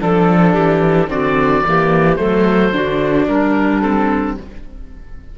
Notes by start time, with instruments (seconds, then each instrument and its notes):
0.00 cello F3, viola D4, oboe A4, clarinet A4
0.53 cello E3, clarinet G4
1.07 cello D3, viola C4, clarinet F#4, oboe D5
1.67 cello E3, viola A#3, clarinet G4
2.16 cello F#3, viola A3, clarinet A4, oboe C5
2.72 cello D3, viola D4, clarinet F#4
3.28 cello G3, clarinet D4, oboe A#4
3.81 viola C4, oboe A4